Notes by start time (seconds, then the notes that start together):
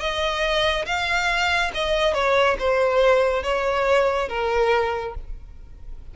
0.00 D#5
0.86 F5
1.74 D#5
2.14 C#5
2.59 C5
3.43 C#5
4.29 A#4